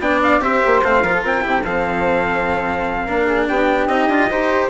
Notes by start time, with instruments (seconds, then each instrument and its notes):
0.00 bassoon B3, cello D4, flute D5, trumpet G5
0.23 trumpet F5
0.40 bassoon C4, cello G4, flute C5, trumpet E5
0.66 bassoon A#3
0.83 bassoon A3, cello C4, trumpet F5
1.03 bassoon F3, cello F4, flute A#4
1.13 flute A4
1.23 bassoon C4, flute A#4, trumpet G5
1.41 bassoon C3, cello E4, flute G4
1.64 bassoon F3, cello C4, flute A4, trumpet F5
3.05 bassoon A#3, cello D4, flute A#4
3.26 flute G#4
3.48 bassoon B3, flute G4, trumpet G5
3.87 bassoon C4, cello D#4, trumpet D#5
4.08 bassoon D4, cello F4
4.30 bassoon D#4, cello G4, flute C5